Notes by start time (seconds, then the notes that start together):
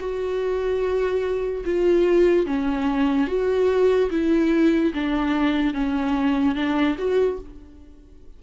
0.00 F#4
1.65 F4
2.46 C#4
3.28 F#4
4.11 E4
4.94 D4
5.74 C#4
6.55 D4
6.98 F#4